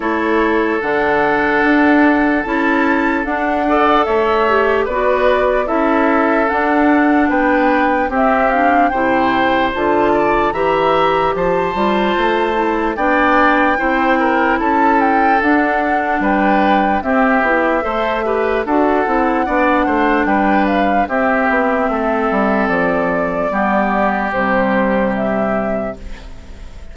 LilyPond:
<<
  \new Staff \with { instrumentName = "flute" } { \time 4/4 \tempo 4 = 74 cis''4 fis''2 a''4 | fis''4 e''4 d''4 e''4 | fis''4 g''4 e''8 f''8 g''4 | a''4 ais''4 a''2 |
g''2 a''8 g''8 fis''4 | g''4 e''2 fis''4~ | fis''4 g''8 f''8 e''2 | d''2 c''4 e''4 | }
  \new Staff \with { instrumentName = "oboe" } { \time 4/4 a'1~ | a'8 d''8 cis''4 b'4 a'4~ | a'4 b'4 g'4 c''4~ | c''8 d''8 e''4 c''2 |
d''4 c''8 ais'8 a'2 | b'4 g'4 c''8 b'8 a'4 | d''8 c''8 b'4 g'4 a'4~ | a'4 g'2. | }
  \new Staff \with { instrumentName = "clarinet" } { \time 4/4 e'4 d'2 e'4 | d'8 a'4 g'8 fis'4 e'4 | d'2 c'8 d'8 e'4 | f'4 g'4. f'4 e'8 |
d'4 e'2 d'4~ | d'4 c'8 e'8 a'8 g'8 fis'8 e'8 | d'2 c'2~ | c'4 b4 g2 | }
  \new Staff \with { instrumentName = "bassoon" } { \time 4/4 a4 d4 d'4 cis'4 | d'4 a4 b4 cis'4 | d'4 b4 c'4 c4 | d4 e4 f8 g8 a4 |
b4 c'4 cis'4 d'4 | g4 c'8 b8 a4 d'8 c'8 | b8 a8 g4 c'8 b8 a8 g8 | f4 g4 c2 | }
>>